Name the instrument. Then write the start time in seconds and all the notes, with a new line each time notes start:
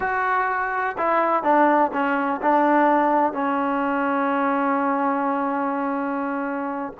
trombone
0.00 F#4
0.97 E4
1.43 D4
1.92 C#4
2.42 D4
3.33 C#4